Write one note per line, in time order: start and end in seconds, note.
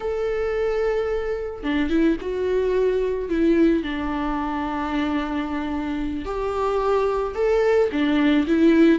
0.00 1.63 A4
1.63 1.89 D4
1.89 2.17 E4
2.21 3.29 F#4
3.29 3.83 E4
3.83 6.25 D4
6.25 7.34 G4
7.34 7.89 A4
7.91 8.46 D4
8.47 8.99 E4